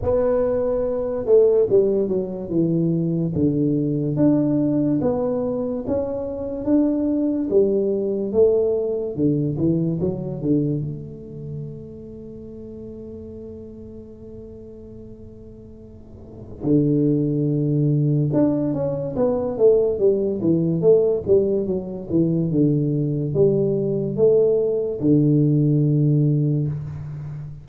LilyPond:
\new Staff \with { instrumentName = "tuba" } { \time 4/4 \tempo 4 = 72 b4. a8 g8 fis8 e4 | d4 d'4 b4 cis'4 | d'4 g4 a4 d8 e8 | fis8 d8 a2.~ |
a1 | d2 d'8 cis'8 b8 a8 | g8 e8 a8 g8 fis8 e8 d4 | g4 a4 d2 | }